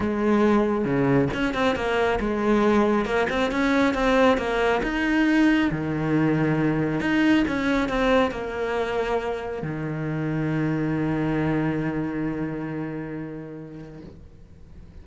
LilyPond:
\new Staff \with { instrumentName = "cello" } { \time 4/4 \tempo 4 = 137 gis2 cis4 cis'8 c'8 | ais4 gis2 ais8 c'8 | cis'4 c'4 ais4 dis'4~ | dis'4 dis2. |
dis'4 cis'4 c'4 ais4~ | ais2 dis2~ | dis1~ | dis1 | }